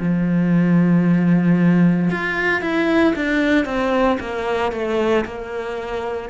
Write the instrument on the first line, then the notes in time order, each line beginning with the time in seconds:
cello
0.00 F3
2.11 F4
2.61 E4
3.16 D4
3.66 C4
4.20 A#3
4.72 A3
5.25 A#3